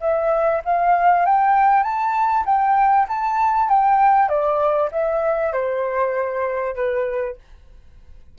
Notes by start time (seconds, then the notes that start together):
0.00 E5
0.65 F5
1.26 G5
1.83 A5
2.45 G5
3.08 A5
3.69 G5
4.29 D5
4.91 E5
5.52 C5
6.75 B4